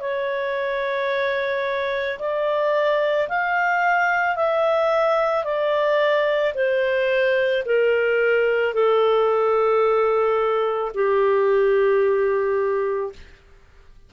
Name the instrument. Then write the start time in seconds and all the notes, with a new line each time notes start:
clarinet
0.00 C#5
2.19 D5
3.28 F5
4.36 E5
5.44 D5
6.54 C5
7.65 A#4
8.74 A4
10.94 G4